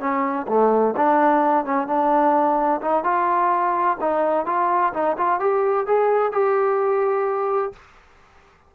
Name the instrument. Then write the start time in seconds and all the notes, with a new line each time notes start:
trombone
0.00 C#4
0.48 A3
0.97 D4
1.65 C#4
1.87 D4
2.81 D#4
3.04 F4
4.01 D#4
4.46 F4
4.93 D#4
5.17 F4
5.40 G4
5.87 G#4
6.32 G4